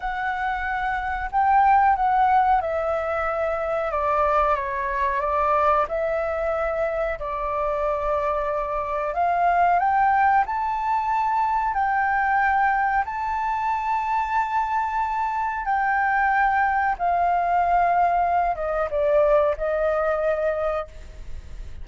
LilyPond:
\new Staff \with { instrumentName = "flute" } { \time 4/4 \tempo 4 = 92 fis''2 g''4 fis''4 | e''2 d''4 cis''4 | d''4 e''2 d''4~ | d''2 f''4 g''4 |
a''2 g''2 | a''1 | g''2 f''2~ | f''8 dis''8 d''4 dis''2 | }